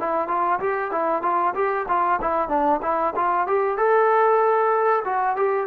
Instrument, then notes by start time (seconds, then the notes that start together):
trombone
0.00 E4
0.28 F4
0.60 G4
0.91 E4
1.22 F4
1.55 G4
1.88 F4
2.21 E4
2.49 D4
2.82 E4
3.16 F4
3.47 G4
3.78 A4
5.05 F#4
5.36 G4